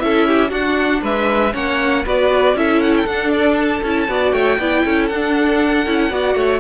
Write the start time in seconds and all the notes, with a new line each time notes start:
0.00 C#4 E4 A4 E5
0.28 G4
0.50 D4 F#4 F#5
1.03 G#3 B4 E5
1.53 A#3 C#4 C#5 F#5
2.06 B3 F#4 B4 D5
2.54 C#4 E4 A4 E5
2.82 F#5
2.97 G5
3.06 D4 F#5
3.31 D5
3.57 A5
3.84 C#4 E4
4.08 B3 F#4 D5
4.32 A3 C#5 G5
4.59 B3 E4 D5
4.85 C#4 A4
5.07 D4 F#5
5.87 C#4 E4
6.11 B3 F#4 D5
6.35 A3 C#5